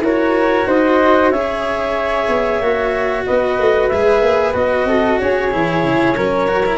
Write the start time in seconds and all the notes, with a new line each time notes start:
0.00 E4 F#4 A#4 C#5
0.67 D#4 C5 D#5
1.31 C#4 G#4 C#5 E5
2.28 B3
2.61 A#3 F#4
3.26 B3 B4 D#5
3.59 A3
3.88 G#3 G#4 E5
4.22 A#3
4.54 B3 F#4 D#5
4.85 C4 A4
5.19 C#4 G#4 C#5
5.51 E3 E4
5.83 C#3
6.16 F#3 C#4 A#4
6.48 F#4
6.66 E4